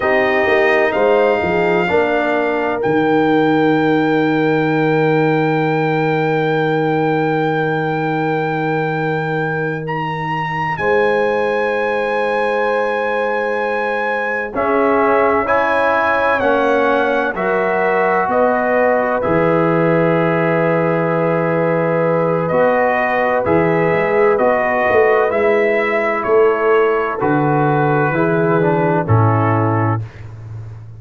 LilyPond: <<
  \new Staff \with { instrumentName = "trumpet" } { \time 4/4 \tempo 4 = 64 dis''4 f''2 g''4~ | g''1~ | g''2~ g''8 ais''4 gis''8~ | gis''2.~ gis''8 e''8~ |
e''8 gis''4 fis''4 e''4 dis''8~ | dis''8 e''2.~ e''8 | dis''4 e''4 dis''4 e''4 | cis''4 b'2 a'4 | }
  \new Staff \with { instrumentName = "horn" } { \time 4/4 g'4 c''8 gis'8 ais'2~ | ais'1~ | ais'2.~ ais'8 c''8~ | c''2.~ c''8 gis'8~ |
gis'8 cis''2 ais'4 b'8~ | b'1~ | b'1 | a'2 gis'4 e'4 | }
  \new Staff \with { instrumentName = "trombone" } { \time 4/4 dis'2 d'4 dis'4~ | dis'1~ | dis'1~ | dis'2.~ dis'8 cis'8~ |
cis'8 e'4 cis'4 fis'4.~ | fis'8 gis'2.~ gis'8 | fis'4 gis'4 fis'4 e'4~ | e'4 fis'4 e'8 d'8 cis'4 | }
  \new Staff \with { instrumentName = "tuba" } { \time 4/4 c'8 ais8 gis8 f8 ais4 dis4~ | dis1~ | dis2.~ dis8 gis8~ | gis2.~ gis8 cis'8~ |
cis'4. ais4 fis4 b8~ | b8 e2.~ e8 | b4 e8 gis8 b8 a8 gis4 | a4 d4 e4 a,4 | }
>>